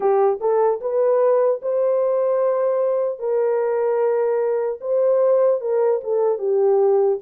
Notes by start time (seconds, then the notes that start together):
0.00 G4
0.40 A4
0.80 B4
1.62 C5
3.19 A#4
4.80 C5
5.60 A#4
6.03 A4
6.38 G4